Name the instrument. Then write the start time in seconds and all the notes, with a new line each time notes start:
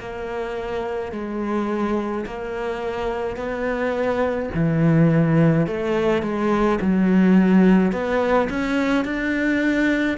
cello
0.00 A#3
1.12 G#3
2.26 A#3
3.37 B3
4.55 E3
5.67 A3
6.23 G#3
6.82 F#3
7.92 B3
8.50 C#4
9.05 D4